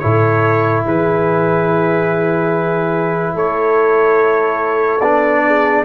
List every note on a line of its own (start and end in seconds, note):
0.00 0.85 A2
0.00 5.01 E4
0.00 0.86 A4
0.00 0.83 C#5
0.85 3.35 E3
0.85 3.35 G#4
0.85 3.37 B4
3.35 5.00 A3
3.35 5.43 A4
3.35 5.01 C#5
5.00 5.84 B3
5.00 5.85 D4
5.00 5.85 D5
5.47 5.85 G#4